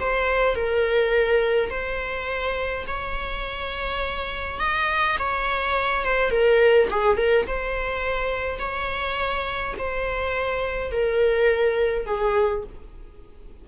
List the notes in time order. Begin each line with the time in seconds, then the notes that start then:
0.00 C5
0.55 A#4
1.70 C5
2.87 C#5
4.60 D#5
5.19 C#5
6.05 C5
6.30 A#4
6.90 G#4
7.17 A#4
7.47 C5
8.59 C#5
9.79 C5
10.92 A#4
12.06 G#4